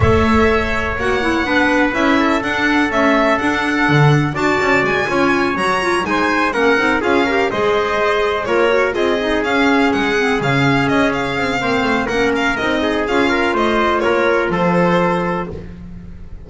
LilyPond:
<<
  \new Staff \with { instrumentName = "violin" } { \time 4/4 \tempo 4 = 124 e''2 fis''2 | e''4 fis''4 e''4 fis''4~ | fis''4 a''4 gis''4. ais''8~ | ais''8 gis''4 fis''4 f''4 dis''8~ |
dis''4. cis''4 dis''4 f''8~ | f''8 fis''4 f''4 dis''8 f''4~ | f''4 fis''8 f''8 dis''4 f''4 | dis''4 cis''4 c''2 | }
  \new Staff \with { instrumentName = "trumpet" } { \time 4/4 cis''2. b'4~ | b'8 a'2.~ a'8~ | a'4 d''4. cis''4.~ | cis''8 c''4 ais'4 gis'8 ais'8 c''8~ |
c''4. ais'4 gis'4.~ | gis'1 | c''4 ais'4. gis'4 ais'8 | c''4 ais'4 a'2 | }
  \new Staff \with { instrumentName = "clarinet" } { \time 4/4 a'2 fis'8 e'8 d'4 | e'4 d'4 a4 d'4~ | d'4 fis'4. f'4 fis'8 | f'8 dis'4 cis'8 dis'8 f'8 g'8 gis'8~ |
gis'4. f'8 fis'8 f'8 dis'8 cis'8~ | cis'4 c'8 cis'2~ cis'8 | c'4 cis'4 dis'4 f'4~ | f'1 | }
  \new Staff \with { instrumentName = "double bass" } { \time 4/4 a2 ais4 b4 | cis'4 d'4 cis'4 d'4 | d4 d'8 cis'8 gis8 cis'4 fis8~ | fis8 gis4 ais8 c'8 cis'4 gis8~ |
gis4. ais4 c'4 cis'8~ | cis'8 gis4 cis4 cis'4 c'8 | ais8 a8 ais4 c'4 cis'4 | a4 ais4 f2 | }
>>